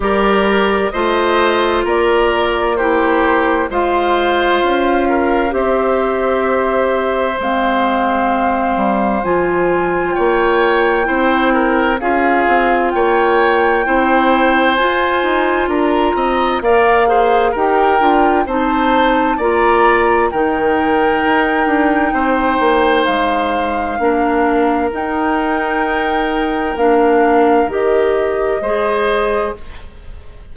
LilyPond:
<<
  \new Staff \with { instrumentName = "flute" } { \time 4/4 \tempo 4 = 65 d''4 dis''4 d''4 c''4 | f''2 e''2 | f''2 gis''4 g''4~ | g''4 f''4 g''2 |
gis''4 ais''4 f''4 g''4 | a''4 ais''4 g''2~ | g''4 f''2 g''4~ | g''4 f''4 dis''2 | }
  \new Staff \with { instrumentName = "oboe" } { \time 4/4 ais'4 c''4 ais'4 g'4 | c''4. ais'8 c''2~ | c''2. cis''4 | c''8 ais'8 gis'4 cis''4 c''4~ |
c''4 ais'8 dis''8 d''8 c''8 ais'4 | c''4 d''4 ais'2 | c''2 ais'2~ | ais'2. c''4 | }
  \new Staff \with { instrumentName = "clarinet" } { \time 4/4 g'4 f'2 e'4 | f'2 g'2 | c'2 f'2 | e'4 f'2 e'4 |
f'2 ais'8 gis'8 g'8 f'8 | dis'4 f'4 dis'2~ | dis'2 d'4 dis'4~ | dis'4 d'4 g'4 gis'4 | }
  \new Staff \with { instrumentName = "bassoon" } { \time 4/4 g4 a4 ais2 | gis4 cis'4 c'2 | gis4. g8 f4 ais4 | c'4 cis'8 c'8 ais4 c'4 |
f'8 dis'8 d'8 c'8 ais4 dis'8 d'8 | c'4 ais4 dis4 dis'8 d'8 | c'8 ais8 gis4 ais4 dis'4~ | dis'4 ais4 dis4 gis4 | }
>>